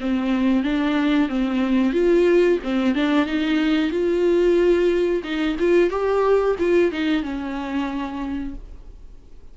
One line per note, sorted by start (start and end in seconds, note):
0.00 0.63 C4
0.63 1.28 D4
1.28 1.92 C4
1.92 2.58 F4
2.63 2.94 C4
2.94 3.26 D4
3.26 3.90 D#4
3.90 5.22 F4
5.23 5.56 D#4
5.59 5.90 F4
5.90 6.55 G4
6.58 6.91 F4
6.91 7.22 D#4
7.22 8.54 C#4